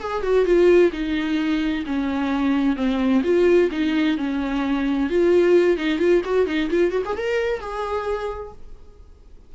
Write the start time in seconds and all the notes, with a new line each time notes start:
0.00 G#4
0.23 F#4
0.46 F4
0.92 D#4
1.86 C#4
2.76 C4
3.24 F4
3.72 D#4
4.18 C#4
5.10 F4
5.78 D#4
5.99 F4
6.25 F#4
6.47 D#4
6.70 F4
6.91 F#4
7.06 G#4
7.17 A#4
7.60 G#4